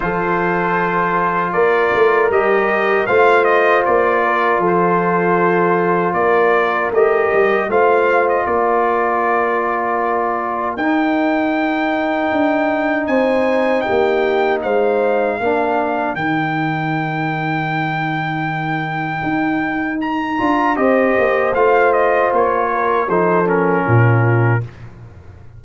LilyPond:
<<
  \new Staff \with { instrumentName = "trumpet" } { \time 4/4 \tempo 4 = 78 c''2 d''4 dis''4 | f''8 dis''8 d''4 c''2 | d''4 dis''4 f''8. dis''16 d''4~ | d''2 g''2~ |
g''4 gis''4 g''4 f''4~ | f''4 g''2.~ | g''2 ais''4 dis''4 | f''8 dis''8 cis''4 c''8 ais'4. | }
  \new Staff \with { instrumentName = "horn" } { \time 4/4 a'2 ais'2 | c''4. ais'8 a'2 | ais'2 c''4 ais'4~ | ais'1~ |
ais'4 c''4 g'4 c''4 | ais'1~ | ais'2. c''4~ | c''4. ais'8 a'4 f'4 | }
  \new Staff \with { instrumentName = "trombone" } { \time 4/4 f'2. g'4 | f'1~ | f'4 g'4 f'2~ | f'2 dis'2~ |
dis'1 | d'4 dis'2.~ | dis'2~ dis'8 f'8 g'4 | f'2 dis'8 cis'4. | }
  \new Staff \with { instrumentName = "tuba" } { \time 4/4 f2 ais8 a8 g4 | a4 ais4 f2 | ais4 a8 g8 a4 ais4~ | ais2 dis'2 |
d'4 c'4 ais4 gis4 | ais4 dis2.~ | dis4 dis'4. d'8 c'8 ais8 | a4 ais4 f4 ais,4 | }
>>